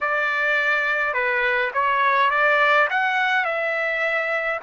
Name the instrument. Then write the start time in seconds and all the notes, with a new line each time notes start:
trumpet
0.00 D5
1.13 B4
1.73 C#5
2.30 D5
2.90 F#5
3.44 E5